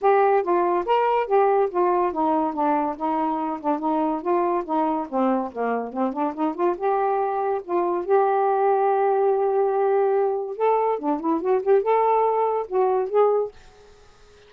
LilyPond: \new Staff \with { instrumentName = "saxophone" } { \time 4/4 \tempo 4 = 142 g'4 f'4 ais'4 g'4 | f'4 dis'4 d'4 dis'4~ | dis'8 d'8 dis'4 f'4 dis'4 | c'4 ais4 c'8 d'8 dis'8 f'8 |
g'2 f'4 g'4~ | g'1~ | g'4 a'4 d'8 e'8 fis'8 g'8 | a'2 fis'4 gis'4 | }